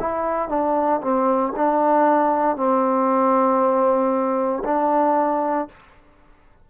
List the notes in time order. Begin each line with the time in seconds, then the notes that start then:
0.00 E4
0.49 D4
1.01 C4
1.56 D4
2.57 C4
4.65 D4